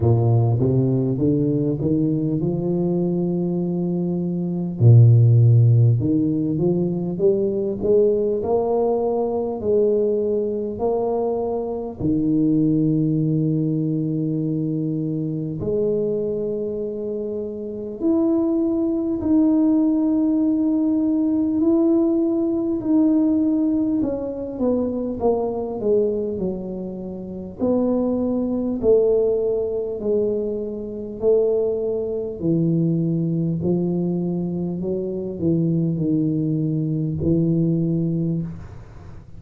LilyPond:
\new Staff \with { instrumentName = "tuba" } { \time 4/4 \tempo 4 = 50 ais,8 c8 d8 dis8 f2 | ais,4 dis8 f8 g8 gis8 ais4 | gis4 ais4 dis2~ | dis4 gis2 e'4 |
dis'2 e'4 dis'4 | cis'8 b8 ais8 gis8 fis4 b4 | a4 gis4 a4 e4 | f4 fis8 e8 dis4 e4 | }